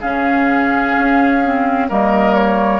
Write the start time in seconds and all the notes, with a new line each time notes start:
0.00 C#3 C#4 G#4 F5
0.97 C#4
1.45 C4
1.89 G3 A#3 A#4 D#5
2.34 C#5